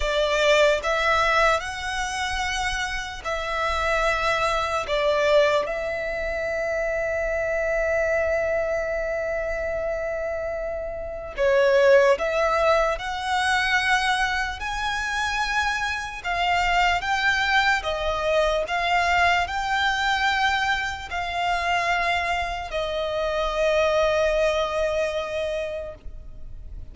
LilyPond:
\new Staff \with { instrumentName = "violin" } { \time 4/4 \tempo 4 = 74 d''4 e''4 fis''2 | e''2 d''4 e''4~ | e''1~ | e''2 cis''4 e''4 |
fis''2 gis''2 | f''4 g''4 dis''4 f''4 | g''2 f''2 | dis''1 | }